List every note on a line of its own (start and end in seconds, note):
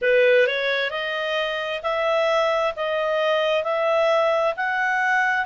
0.01 0.46 B4
0.46 0.90 C#5
0.90 1.81 D#5
1.83 2.74 E5
2.76 3.63 D#5
3.63 4.54 E5
4.56 5.45 F#5